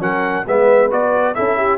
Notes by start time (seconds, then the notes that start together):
0.00 F#3 C#4 A#4 F#5
0.47 G#3 B3 B4 E5
0.91 B3 F#4 D5
1.35 C#4 E4 A4 E5
1.57 G4